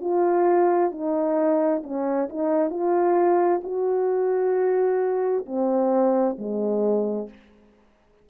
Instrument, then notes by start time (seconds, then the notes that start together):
horn
0.00 F4
0.91 D#4
1.83 C#4
2.29 D#4
2.70 F4
3.63 F#4
5.45 C4
6.38 G#3